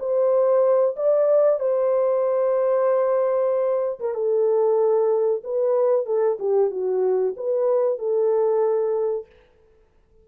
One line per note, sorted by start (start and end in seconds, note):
0.00 0.96 C5
0.97 1.60 D5
1.60 4.00 C5
4.00 4.15 A#4
4.15 5.43 A4
5.44 6.06 B4
6.06 6.38 A4
6.40 6.71 G4
6.71 7.35 F#4
7.37 7.99 B4
7.99 9.27 A4